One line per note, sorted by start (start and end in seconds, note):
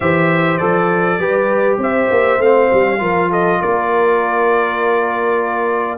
0.00 0.60 E3
0.00 0.59 G4
0.00 1.18 C5
0.00 0.57 E5
0.57 1.19 F3
0.57 1.20 A4
0.57 1.77 D5
1.19 1.77 G3
1.19 2.39 G4
1.19 1.79 B4
1.77 2.07 C4
1.77 2.99 C5
1.77 2.41 E5
2.10 2.38 A#3
2.38 2.68 A3
2.38 2.98 C4
2.38 3.31 F5
2.72 3.00 G3
2.98 3.60 F3
2.98 5.97 F4
2.98 3.29 A#4
3.29 3.60 A4
3.29 3.61 D#5
3.60 5.97 A#3
3.60 5.97 A#4
3.60 5.97 D5